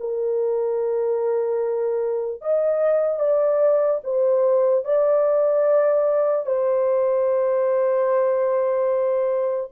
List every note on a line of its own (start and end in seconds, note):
0.00 2.42 A#4
2.42 3.20 D#5
3.20 4.01 D5
4.04 4.85 C5
4.85 6.47 D5
6.47 9.71 C5